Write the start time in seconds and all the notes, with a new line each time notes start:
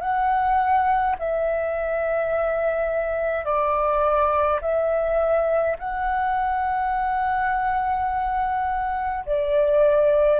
0.00 F#5
1.19 E5
3.45 D5
4.61 E5
5.78 F#5
9.26 D5